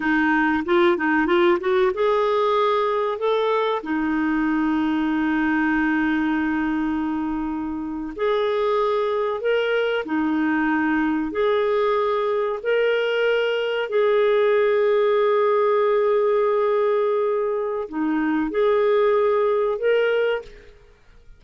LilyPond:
\new Staff \with { instrumentName = "clarinet" } { \time 4/4 \tempo 4 = 94 dis'4 f'8 dis'8 f'8 fis'8 gis'4~ | gis'4 a'4 dis'2~ | dis'1~ | dis'8. gis'2 ais'4 dis'16~ |
dis'4.~ dis'16 gis'2 ais'16~ | ais'4.~ ais'16 gis'2~ gis'16~ | gis'1 | dis'4 gis'2 ais'4 | }